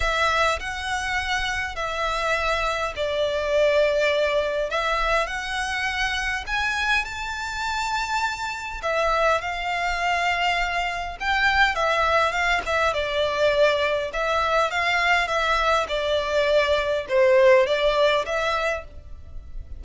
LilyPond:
\new Staff \with { instrumentName = "violin" } { \time 4/4 \tempo 4 = 102 e''4 fis''2 e''4~ | e''4 d''2. | e''4 fis''2 gis''4 | a''2. e''4 |
f''2. g''4 | e''4 f''8 e''8 d''2 | e''4 f''4 e''4 d''4~ | d''4 c''4 d''4 e''4 | }